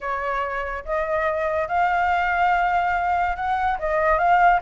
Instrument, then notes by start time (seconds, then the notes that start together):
flute
0.00 C#5
0.84 D#5
1.68 F5
3.36 F#5
3.79 D#5
4.18 F5